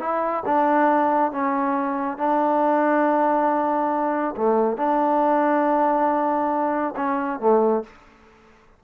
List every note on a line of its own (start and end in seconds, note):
0.00 0.43 E4
0.46 1.32 D4
1.32 2.18 C#4
2.18 4.35 D4
4.37 4.77 A3
4.77 6.95 D4
6.96 7.40 C#4
7.40 7.83 A3